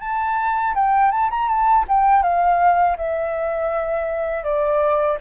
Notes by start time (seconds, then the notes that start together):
0.00 A5
0.74 G5
1.11 A5
1.30 A#5
1.48 A5
1.88 G5
2.23 F5
2.97 E5
4.44 D5